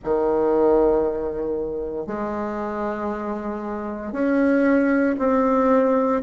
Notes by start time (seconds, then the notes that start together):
0.04 D#3
2.06 G#3
4.12 C#4
5.18 C4